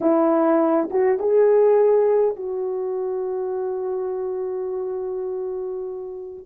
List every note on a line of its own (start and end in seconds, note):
0.00 0.89 E4
0.90 1.19 F#4
1.19 2.36 G#4
2.36 6.45 F#4